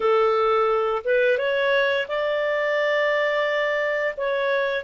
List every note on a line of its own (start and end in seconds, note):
0.00 1.02 A4
1.04 1.38 B4
1.38 2.07 C#5
2.08 4.15 D5
4.16 4.84 C#5